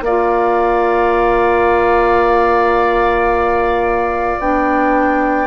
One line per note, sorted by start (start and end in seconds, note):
0.00 4.36 A#3
0.00 5.47 D5
0.00 4.40 F5
0.07 4.41 F4
4.39 5.47 B3
4.39 5.47 D4
4.39 5.47 G5